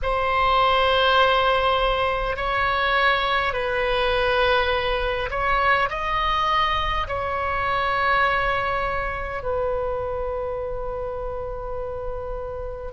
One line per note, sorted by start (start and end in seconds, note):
0.02 2.36 C5
2.36 3.53 C#5
3.53 5.29 B4
5.30 5.89 C#5
5.89 7.07 D#5
7.07 9.42 C#5
9.42 12.92 B4